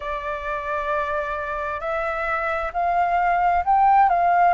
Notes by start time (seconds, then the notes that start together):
0.00 D5
1.80 E5
2.73 F5
3.64 G5
4.09 F5